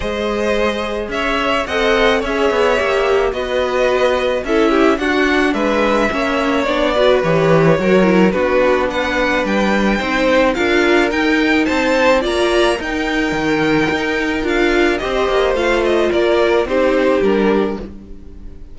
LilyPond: <<
  \new Staff \with { instrumentName = "violin" } { \time 4/4 \tempo 4 = 108 dis''2 e''4 fis''4 | e''2 dis''2 | e''4 fis''4 e''2 | d''4 cis''2 b'4 |
fis''4 g''2 f''4 | g''4 a''4 ais''4 g''4~ | g''2 f''4 dis''4 | f''8 dis''8 d''4 c''4 ais'4 | }
  \new Staff \with { instrumentName = "violin" } { \time 4/4 c''2 cis''4 dis''4 | cis''2 b'2 | a'8 g'8 fis'4 b'4 cis''4~ | cis''8 b'4. ais'4 fis'4 |
b'2 c''4 ais'4~ | ais'4 c''4 d''4 ais'4~ | ais'2. c''4~ | c''4 ais'4 g'2 | }
  \new Staff \with { instrumentName = "viola" } { \time 4/4 gis'2. a'4 | gis'4 g'4 fis'2 | e'4 d'2 cis'4 | d'8 fis'8 g'4 fis'8 e'8 d'4~ |
d'2 dis'4 f'4 | dis'2 f'4 dis'4~ | dis'2 f'4 g'4 | f'2 dis'4 d'4 | }
  \new Staff \with { instrumentName = "cello" } { \time 4/4 gis2 cis'4 c'4 | cis'8 b8 ais4 b2 | cis'4 d'4 gis4 ais4 | b4 e4 fis4 b4~ |
b4 g4 c'4 d'4 | dis'4 c'4 ais4 dis'4 | dis4 dis'4 d'4 c'8 ais8 | a4 ais4 c'4 g4 | }
>>